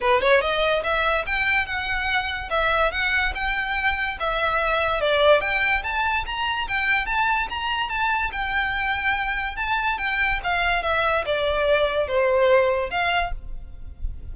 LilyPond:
\new Staff \with { instrumentName = "violin" } { \time 4/4 \tempo 4 = 144 b'8 cis''8 dis''4 e''4 g''4 | fis''2 e''4 fis''4 | g''2 e''2 | d''4 g''4 a''4 ais''4 |
g''4 a''4 ais''4 a''4 | g''2. a''4 | g''4 f''4 e''4 d''4~ | d''4 c''2 f''4 | }